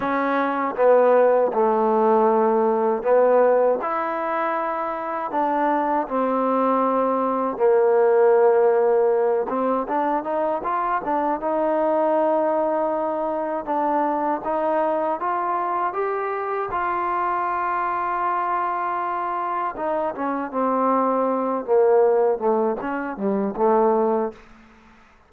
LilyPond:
\new Staff \with { instrumentName = "trombone" } { \time 4/4 \tempo 4 = 79 cis'4 b4 a2 | b4 e'2 d'4 | c'2 ais2~ | ais8 c'8 d'8 dis'8 f'8 d'8 dis'4~ |
dis'2 d'4 dis'4 | f'4 g'4 f'2~ | f'2 dis'8 cis'8 c'4~ | c'8 ais4 a8 cis'8 g8 a4 | }